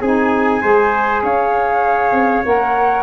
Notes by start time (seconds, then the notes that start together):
0.00 C4 D#4 G#4 G#5
0.62 G#3 G#4 C5
1.23 C#4 C#5 F5
2.13 C4
2.45 A#3 A#4 F#5